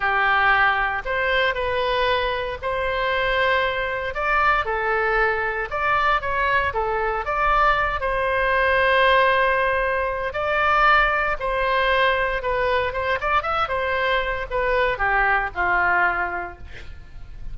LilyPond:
\new Staff \with { instrumentName = "oboe" } { \time 4/4 \tempo 4 = 116 g'2 c''4 b'4~ | b'4 c''2. | d''4 a'2 d''4 | cis''4 a'4 d''4. c''8~ |
c''1 | d''2 c''2 | b'4 c''8 d''8 e''8 c''4. | b'4 g'4 f'2 | }